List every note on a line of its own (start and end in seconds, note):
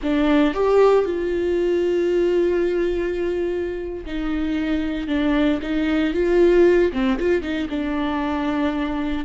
0.02 0.54 D4
0.54 1.05 G4
1.05 4.05 F4
4.05 5.08 D#4
5.08 5.59 D4
5.61 6.13 D#4
6.13 6.92 F4
6.92 7.18 C4
7.19 7.42 F4
7.42 7.68 D#4
7.69 9.25 D4